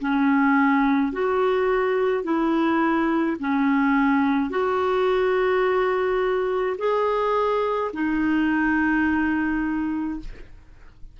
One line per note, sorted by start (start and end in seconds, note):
0.00 1.13 C#4
1.13 2.24 F#4
2.24 3.37 E4
3.40 4.50 C#4
4.50 6.77 F#4
6.78 7.91 G#4
7.93 10.20 D#4